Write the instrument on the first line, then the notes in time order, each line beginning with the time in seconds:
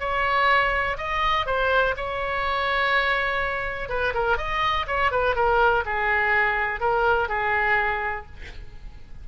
oboe
0.00 C#5
0.98 D#5
1.47 C5
1.97 C#5
3.89 B4
4.15 A#4
4.38 D#5
4.87 C#5
5.12 B4
5.36 A#4
5.86 G#4
6.81 A#4
7.29 G#4